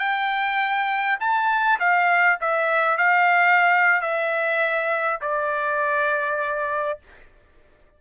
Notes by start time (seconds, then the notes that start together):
0.00 G5
1.20 A5
1.80 F5
2.41 E5
2.98 F5
4.02 E5
5.22 D5